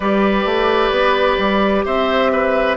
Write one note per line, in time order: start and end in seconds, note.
0.00 0.45 G3
0.00 2.77 G4
0.00 1.85 B4
0.00 1.84 D5
0.45 0.91 A3
0.91 1.37 B3
1.37 1.83 G3
1.85 2.77 C4
1.85 2.31 C5
1.85 2.77 E5
2.32 2.77 B4